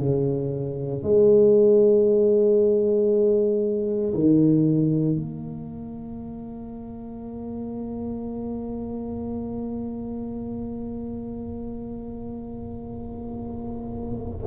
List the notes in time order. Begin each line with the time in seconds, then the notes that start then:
0.00 C#3
1.03 G#3
4.14 D#3
5.16 A#3